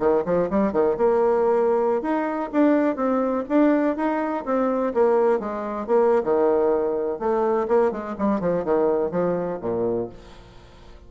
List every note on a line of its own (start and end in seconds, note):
0.00 0.24 D#3
0.26 0.50 F3
0.50 0.73 G3
0.73 0.97 D#3
0.98 2.02 A#3
2.02 2.50 D#4
2.53 2.97 D4
2.97 3.45 C4
3.49 3.97 D4
3.97 4.45 D#4
4.46 4.94 C4
4.95 5.40 A#3
5.40 5.87 G#3
5.87 6.23 A#3
6.24 7.20 D#3
7.20 7.68 A3
7.68 7.92 A#3
7.92 8.16 G#3
8.19 8.41 G3
8.41 8.65 F3
8.65 9.12 D#3
9.12 9.60 F3
9.62 10.10 A#2